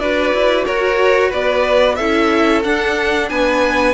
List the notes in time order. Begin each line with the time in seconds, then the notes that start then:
0.00 D4 F#4 B4 D5
0.34 E4
0.66 F#4 A#4 C#5
1.29 B3 B4 D5
1.96 C#4 E4 A4 E5
2.64 D4 F#5
3.29 B3 B4 G#5